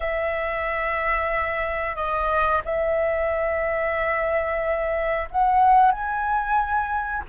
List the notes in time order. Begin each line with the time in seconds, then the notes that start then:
0.00 E5
1.95 D#5
2.64 E5
5.30 F#5
5.91 G#5